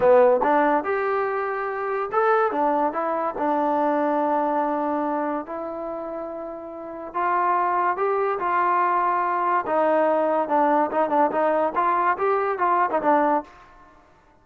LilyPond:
\new Staff \with { instrumentName = "trombone" } { \time 4/4 \tempo 4 = 143 b4 d'4 g'2~ | g'4 a'4 d'4 e'4 | d'1~ | d'4 e'2.~ |
e'4 f'2 g'4 | f'2. dis'4~ | dis'4 d'4 dis'8 d'8 dis'4 | f'4 g'4 f'8. dis'16 d'4 | }